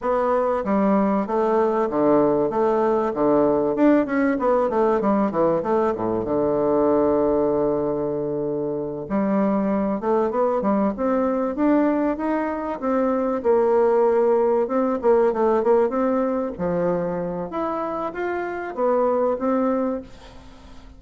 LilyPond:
\new Staff \with { instrumentName = "bassoon" } { \time 4/4 \tempo 4 = 96 b4 g4 a4 d4 | a4 d4 d'8 cis'8 b8 a8 | g8 e8 a8 a,8 d2~ | d2~ d8 g4. |
a8 b8 g8 c'4 d'4 dis'8~ | dis'8 c'4 ais2 c'8 | ais8 a8 ais8 c'4 f4. | e'4 f'4 b4 c'4 | }